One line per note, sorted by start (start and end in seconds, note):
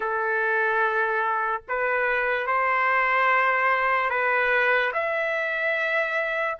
0.00 1.61 A4
1.68 2.47 B4
2.47 4.09 C5
4.09 4.92 B4
4.93 6.58 E5